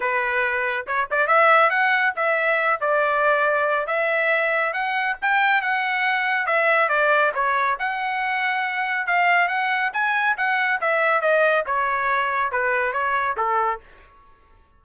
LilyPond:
\new Staff \with { instrumentName = "trumpet" } { \time 4/4 \tempo 4 = 139 b'2 cis''8 d''8 e''4 | fis''4 e''4. d''4.~ | d''4 e''2 fis''4 | g''4 fis''2 e''4 |
d''4 cis''4 fis''2~ | fis''4 f''4 fis''4 gis''4 | fis''4 e''4 dis''4 cis''4~ | cis''4 b'4 cis''4 a'4 | }